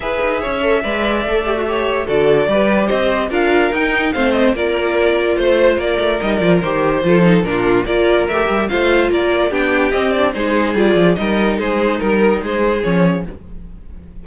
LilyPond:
<<
  \new Staff \with { instrumentName = "violin" } { \time 4/4 \tempo 4 = 145 e''1~ | e''4 d''2 dis''4 | f''4 g''4 f''8 dis''8 d''4~ | d''4 c''4 d''4 dis''8 d''8 |
c''2 ais'4 d''4 | e''4 f''4 d''4 g''4 | dis''8 d''8 c''4 d''4 dis''4 | c''4 ais'4 c''4 cis''4 | }
  \new Staff \with { instrumentName = "violin" } { \time 4/4 b'4 cis''4 d''2 | cis''4 a'4 b'4 c''4 | ais'2 c''4 ais'4~ | ais'4 c''4 ais'2~ |
ais'4 a'4 f'4 ais'4~ | ais'4 c''4 ais'4 g'4~ | g'4 gis'2 ais'4 | gis'4 ais'4 gis'2 | }
  \new Staff \with { instrumentName = "viola" } { \time 4/4 gis'4. a'8 b'4 a'8 g'16 fis'16 | g'4 fis'4 g'2 | f'4 dis'4 c'4 f'4~ | f'2. dis'8 f'8 |
g'4 f'8 dis'8 d'4 f'4 | g'4 f'2 d'4 | c'8 d'8 dis'4 f'4 dis'4~ | dis'2. cis'4 | }
  \new Staff \with { instrumentName = "cello" } { \time 4/4 e'8 dis'8 cis'4 gis4 a4~ | a4 d4 g4 c'4 | d'4 dis'4 a4 ais4~ | ais4 a4 ais8 a8 g8 f8 |
dis4 f4 ais,4 ais4 | a8 g8 a4 ais4 b4 | c'4 gis4 g8 f8 g4 | gis4 g4 gis4 f4 | }
>>